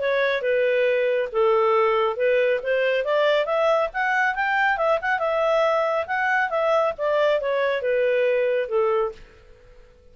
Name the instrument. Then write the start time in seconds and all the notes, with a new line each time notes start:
clarinet
0.00 C#5
0.42 B4
1.33 A4
2.17 B4
2.63 C5
3.05 D5
3.46 E5
3.94 F#5
4.36 G5
4.78 E5
5.02 F#5
5.19 E5
6.08 F#5
6.50 E5
6.98 D5
7.41 C#5
7.82 B4
8.69 A4